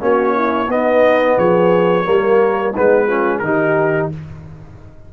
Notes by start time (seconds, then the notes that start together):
0.00 A#3 C#4 F#4 C#5
0.35 E4
0.69 B3 D#4 D#5
1.37 F3 G#4 C#5
2.05 G3 A#3 A#4
2.71 B3 D#4
2.77 G#3 B4
3.07 C#4 F4
3.39 D#3 D#4 G4 A#4